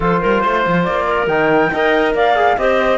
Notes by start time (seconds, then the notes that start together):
0.00 F3 F4 A4 C5
0.21 G3 A#4
0.40 A3 C5
0.66 F3
0.83 A#3 D5
1.08 A#4
1.26 D#3 D#4 G5
1.72 D#4 A#4 D#5
2.14 A#3 D5 F5
2.35 G#4
2.57 C4 G4 C5 D#5